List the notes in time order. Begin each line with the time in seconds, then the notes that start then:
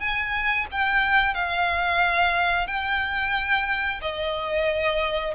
0.00 G#5
0.72 G5
1.35 F5
2.68 G5
4.02 D#5